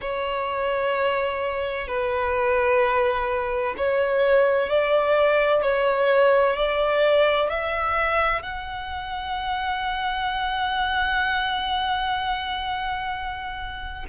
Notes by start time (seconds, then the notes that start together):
0.01 C#5
1.87 B4
3.77 C#5
4.69 D5
5.62 C#5
6.56 D5
7.49 E5
8.42 F#5